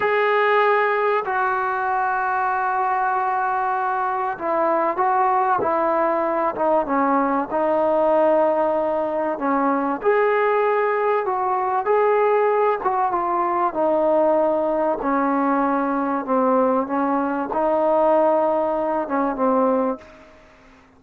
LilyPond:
\new Staff \with { instrumentName = "trombone" } { \time 4/4 \tempo 4 = 96 gis'2 fis'2~ | fis'2. e'4 | fis'4 e'4. dis'8 cis'4 | dis'2. cis'4 |
gis'2 fis'4 gis'4~ | gis'8 fis'8 f'4 dis'2 | cis'2 c'4 cis'4 | dis'2~ dis'8 cis'8 c'4 | }